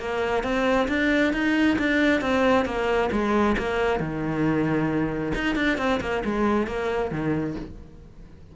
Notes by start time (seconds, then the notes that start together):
0.00 A#3
0.44 C4
0.89 D4
1.34 D#4
1.79 D4
2.22 C4
2.66 A#3
3.13 G#3
3.58 A#3
4.00 D#3
5.35 D#4
5.56 D4
5.78 C4
6.01 A#3
6.25 G#3
6.68 A#3
7.12 D#3